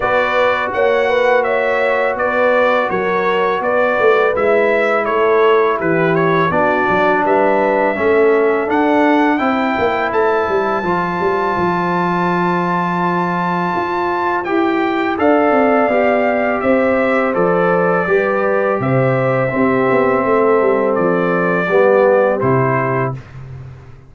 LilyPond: <<
  \new Staff \with { instrumentName = "trumpet" } { \time 4/4 \tempo 4 = 83 d''4 fis''4 e''4 d''4 | cis''4 d''4 e''4 cis''4 | b'8 cis''8 d''4 e''2 | fis''4 g''4 a''2~ |
a''1 | g''4 f''2 e''4 | d''2 e''2~ | e''4 d''2 c''4 | }
  \new Staff \with { instrumentName = "horn" } { \time 4/4 b'4 cis''8 b'8 cis''4 b'4 | ais'4 b'2 a'4 | g'4 fis'4 b'4 a'4~ | a'4 c''2.~ |
c''1~ | c''4 d''2 c''4~ | c''4 b'4 c''4 g'4 | a'2 g'2 | }
  \new Staff \with { instrumentName = "trombone" } { \time 4/4 fis'1~ | fis'2 e'2~ | e'4 d'2 cis'4 | d'4 e'2 f'4~ |
f'1 | g'4 a'4 g'2 | a'4 g'2 c'4~ | c'2 b4 e'4 | }
  \new Staff \with { instrumentName = "tuba" } { \time 4/4 b4 ais2 b4 | fis4 b8 a8 gis4 a4 | e4 b8 fis8 g4 a4 | d'4 c'8 ais8 a8 g8 f8 g8 |
f2. f'4 | e'4 d'8 c'8 b4 c'4 | f4 g4 c4 c'8 b8 | a8 g8 f4 g4 c4 | }
>>